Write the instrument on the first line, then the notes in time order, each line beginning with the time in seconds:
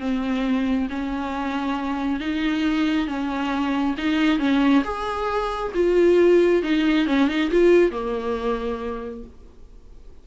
viola
0.00 C4
0.90 C#4
2.20 D#4
3.07 C#4
3.98 D#4
4.39 C#4
4.84 G#4
5.75 F4
6.63 D#4
7.07 C#4
7.29 D#4
7.51 F4
7.92 A#3